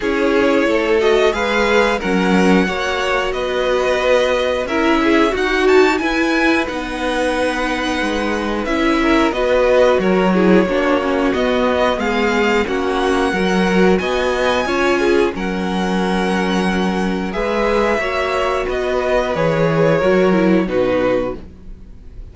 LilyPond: <<
  \new Staff \with { instrumentName = "violin" } { \time 4/4 \tempo 4 = 90 cis''4. dis''8 f''4 fis''4~ | fis''4 dis''2 e''4 | fis''8 a''8 gis''4 fis''2~ | fis''4 e''4 dis''4 cis''4~ |
cis''4 dis''4 f''4 fis''4~ | fis''4 gis''2 fis''4~ | fis''2 e''2 | dis''4 cis''2 b'4 | }
  \new Staff \with { instrumentName = "violin" } { \time 4/4 gis'4 a'4 b'4 ais'4 | cis''4 b'2 ais'8 gis'8 | fis'4 b'2.~ | b'4. ais'8 b'4 ais'8 gis'8 |
fis'2 gis'4 fis'4 | ais'4 dis''4 cis''8 gis'8 ais'4~ | ais'2 b'4 cis''4 | b'2 ais'4 fis'4 | }
  \new Staff \with { instrumentName = "viola" } { \time 4/4 e'4. fis'8 gis'4 cis'4 | fis'2. e'4 | fis'4 e'4 dis'2~ | dis'4 e'4 fis'4. e'8 |
d'8 cis'8 b2 cis'4 | fis'2 f'4 cis'4~ | cis'2 gis'4 fis'4~ | fis'4 gis'4 fis'8 e'8 dis'4 | }
  \new Staff \with { instrumentName = "cello" } { \time 4/4 cis'4 a4 gis4 fis4 | ais4 b2 cis'4 | dis'4 e'4 b2 | gis4 cis'4 b4 fis4 |
ais4 b4 gis4 ais4 | fis4 b4 cis'4 fis4~ | fis2 gis4 ais4 | b4 e4 fis4 b,4 | }
>>